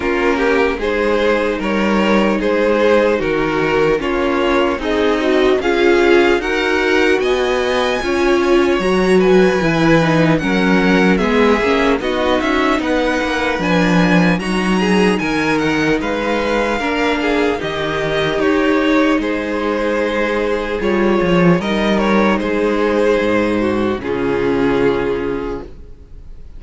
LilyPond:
<<
  \new Staff \with { instrumentName = "violin" } { \time 4/4 \tempo 4 = 75 ais'4 c''4 cis''4 c''4 | ais'4 cis''4 dis''4 f''4 | fis''4 gis''2 ais''8 gis''8~ | gis''4 fis''4 e''4 dis''8 e''8 |
fis''4 gis''4 ais''4 gis''8 fis''8 | f''2 dis''4 cis''4 | c''2 cis''4 dis''8 cis''8 | c''2 gis'2 | }
  \new Staff \with { instrumentName = "violin" } { \time 4/4 f'8 g'8 gis'4 ais'4 gis'4 | fis'4 f'4 dis'4 gis'4 | ais'4 dis''4 cis''4. b'8~ | b'4 ais'4 gis'4 fis'4 |
b'2 fis'8 gis'8 ais'4 | b'4 ais'8 gis'8 g'2 | gis'2. ais'4 | gis'4. fis'8 f'2 | }
  \new Staff \with { instrumentName = "viola" } { \time 4/4 cis'4 dis'2.~ | dis'4 cis'4 gis'8 fis'8 f'4 | fis'2 f'4 fis'4 | e'8 dis'8 cis'4 b8 cis'8 dis'4~ |
dis'4 d'4 dis'2~ | dis'4 d'4 dis'2~ | dis'2 f'4 dis'4~ | dis'2 cis'2 | }
  \new Staff \with { instrumentName = "cello" } { \time 4/4 ais4 gis4 g4 gis4 | dis4 ais4 c'4 cis'4 | dis'4 b4 cis'4 fis4 | e4 fis4 gis8 ais8 b8 cis'8 |
b8 ais8 f4 fis4 dis4 | gis4 ais4 dis4 dis'4 | gis2 g8 f8 g4 | gis4 gis,4 cis2 | }
>>